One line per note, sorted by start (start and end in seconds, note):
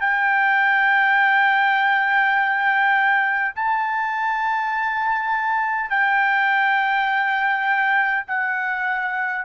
0.00 3.53 G5
3.55 5.90 A5
5.90 8.25 G5
8.27 9.44 F#5